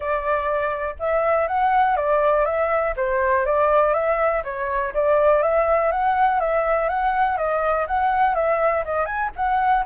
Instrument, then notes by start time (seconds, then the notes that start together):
flute
0.00 D5
0.99 E5
1.47 F#5
1.96 D5
2.45 E5
2.96 C5
3.45 D5
3.93 E5
4.44 C#5
4.94 D5
5.42 E5
5.91 F#5
6.40 E5
6.89 F#5
7.37 D#5
7.87 F#5
8.35 E5
8.84 D#5
9.05 G#5
9.36 F#5